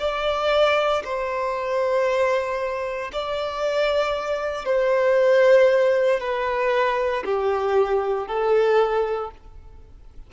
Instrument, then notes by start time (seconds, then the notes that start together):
violin
0.00 D5
1.04 C5
3.13 D5
4.66 C5
6.20 B4
7.25 G4
8.28 A4